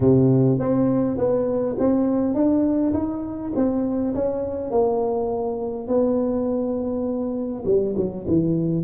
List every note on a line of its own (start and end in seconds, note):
0.00 0.59 C3
0.59 1.17 C4
1.17 1.76 B3
1.78 2.34 C4
2.34 2.93 D4
2.93 3.52 D#4
3.55 4.14 C4
4.14 4.70 C#4
4.70 5.87 A#3
5.87 7.64 B3
7.65 7.94 G3
7.96 8.25 F#3
8.27 8.83 E3